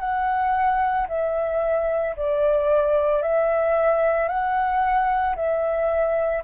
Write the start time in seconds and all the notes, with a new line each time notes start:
0.00 F#5
1.09 E5
2.17 D5
3.22 E5
4.29 F#5
5.36 E5